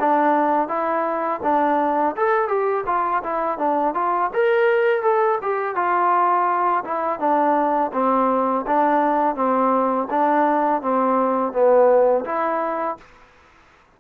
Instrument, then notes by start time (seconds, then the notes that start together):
trombone
0.00 D4
0.68 E4
1.43 D4
2.16 A4
2.48 G4
2.87 F4
3.24 E4
3.58 D4
3.95 F4
4.34 A#4
5.03 A4
5.42 G4
5.76 F4
6.85 E4
7.20 D4
7.93 C4
8.67 D4
9.36 C4
10.10 D4
10.82 C4
11.53 B3
12.25 E4